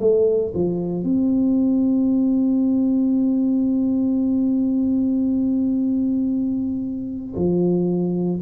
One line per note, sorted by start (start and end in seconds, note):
0.00 0.53 A3
0.55 1.04 F3
1.04 7.36 C4
7.36 8.42 F3